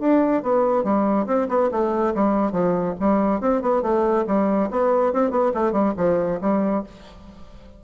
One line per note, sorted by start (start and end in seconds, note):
0.00 0.43 D4
0.43 0.84 B3
0.84 1.26 G3
1.27 1.48 C4
1.49 1.70 B3
1.72 2.14 A3
2.15 2.52 G3
2.52 2.94 F3
3.00 3.41 G3
3.41 3.62 C4
3.62 3.82 B3
3.82 4.25 A3
4.27 4.70 G3
4.71 5.13 B3
5.13 5.31 C4
5.31 5.52 B3
5.54 5.72 A3
5.72 5.94 G3
5.97 6.40 F3
6.41 6.84 G3